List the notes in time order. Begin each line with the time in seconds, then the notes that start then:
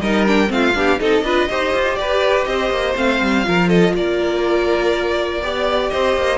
0.00 G3 D#4 A#4 D#5
0.26 D4 G5
0.47 A3 C4 F5
0.53 F4
0.74 B3 D4 G4
0.99 C4 D#4 A4 D#5
1.22 D4 F4 B4
1.49 D#4 G4 C5
1.73 F4
1.94 G4 B4 D5
2.44 C4 C5 D#5
2.70 A#3
2.95 A3 C4 F5
3.20 G3
3.44 F3 F4 A#4
3.68 A4 D#5
3.94 A#3 A#4 D5
5.41 B3 G4 D5
5.89 C4 C5 D#5
6.16 A#3